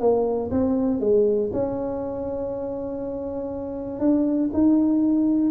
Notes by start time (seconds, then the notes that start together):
0.00 A#3
0.51 C4
1.00 G#3
1.53 C#4
4.00 D4
4.53 D#4